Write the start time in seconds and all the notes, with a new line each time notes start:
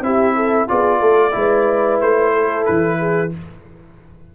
0.00 C4 E4 G4 E5
0.35 A4
0.68 B3 F4 G#4 D5
0.98 A3 A4
1.31 G#3 E4 B4
2.01 A3 C5
2.33 A4
2.65 E3 B4
2.99 G#4